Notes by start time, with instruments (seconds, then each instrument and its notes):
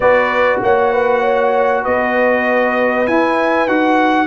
0.00 tuba B3, trombone F#4, horn B4, trumpet D5
0.61 tuba A#3, horn C#5, trumpet F#5
0.92 horn B4
1.20 horn C#5
1.82 tuba B3, horn B4, trumpet D#5
3.07 trombone E4, tuba E4, trumpet G#5
3.67 tuba D#4, trombone F#4, trumpet F#5